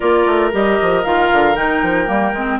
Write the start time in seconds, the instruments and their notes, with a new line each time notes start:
0.00 bassoon A#3, clarinet F4, oboe A#4, flute D5
0.26 bassoon A3
0.51 bassoon G3, clarinet G4, flute D#5
0.81 bassoon F3
1.04 bassoon D#3, clarinet F4, flute F5
1.32 bassoon D3
1.55 bassoon D#3, clarinet D#4, flute G5
1.82 bassoon F3
2.06 bassoon G3, clarinet A#3
2.33 bassoon G#3, clarinet C4